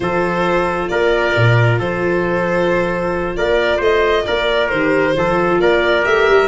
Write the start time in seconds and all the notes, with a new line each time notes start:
0.00 F3 F4 A4 C5
0.88 A#3 A#4 D5
1.36 A#2
1.78 F3 A4 C5
3.36 A#3 A#4 D5
3.77 A3 C5 D#5
4.26 A#3 A#4 D5
4.68 D#3 G4 C5
5.15 F3 F4 A4
5.60 A#3 A#4 D5
6.03 A3 G4 E5
6.29 G3